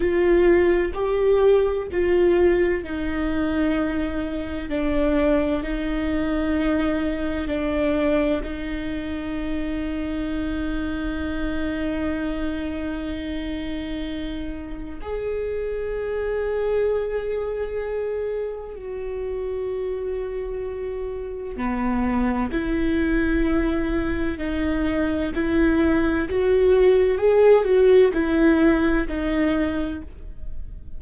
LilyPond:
\new Staff \with { instrumentName = "viola" } { \time 4/4 \tempo 4 = 64 f'4 g'4 f'4 dis'4~ | dis'4 d'4 dis'2 | d'4 dis'2.~ | dis'1 |
gis'1 | fis'2. b4 | e'2 dis'4 e'4 | fis'4 gis'8 fis'8 e'4 dis'4 | }